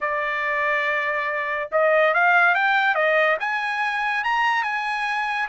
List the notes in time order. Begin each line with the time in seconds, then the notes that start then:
0.00 D5
1.71 D#5
2.13 F5
2.54 G5
2.95 D#5
3.39 G#5
4.24 A#5
4.63 G#5